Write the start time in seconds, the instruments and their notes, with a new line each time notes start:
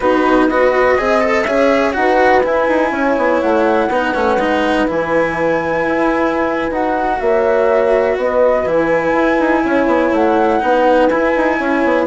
0.00 bassoon B3, cello D#4, horn F#4, flute B4
0.48 cello F#4, horn B4, flute D#5
0.97 bassoon C4, cello G#4, horn D#5
1.20 cello A4
1.43 bassoon C#4, cello G#4, horn C#5, flute E5
1.93 bassoon D#4, cello F#4, horn B4, flute F#5
2.43 cello E4, bassoon E4, flute G#5
2.68 bassoon D#4
2.91 bassoon C#4, horn C#5
3.17 bassoon B3
3.41 bassoon A3, flute F#5
3.88 bassoon B3, cello D#4, horn B4
4.14 bassoon A3, cello C#4
4.36 bassoon G#3, cello D#4
4.87 bassoon E3, cello E4, flute G#5
5.86 bassoon E4
6.71 bassoon D#4, cello F#4, flute F#5
7.19 bassoon A#3, horn C#5, flute E5
8.17 bassoon B3, horn B4, flute D#5
8.65 bassoon E3, cello E4, flute G#5
9.12 bassoon E4
9.39 bassoon D#4
9.63 bassoon C#4, horn C#5
9.86 bassoon B3
10.12 bassoon A3, flute F#5
10.60 bassoon B3, cello D#4, horn B4
11.07 bassoon E4, cello E4, flute G#5
11.36 bassoon D#4
11.58 bassoon C#4, horn C#5
11.84 bassoon B3